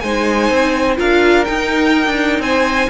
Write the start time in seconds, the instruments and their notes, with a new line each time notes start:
0.00 cello G#3, viola D#4, violin C5 G#5
0.50 cello C4
0.96 cello D4, viola F4, violin A#4 F5
1.44 viola D#4, cello D#4, violin G5
2.06 cello D4
2.39 cello C4, violin C5 G#5